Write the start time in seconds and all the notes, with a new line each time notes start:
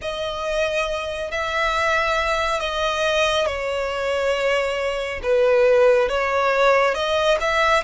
0.01 D#5
1.31 E5
2.60 D#5
3.46 C#5
5.23 B4
6.08 C#5
6.94 D#5
7.40 E5